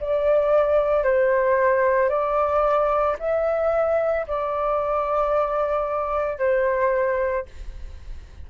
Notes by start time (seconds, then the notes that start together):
0.00 D5
1.04 C5
2.09 D5
3.19 E5
4.28 D5
6.38 C5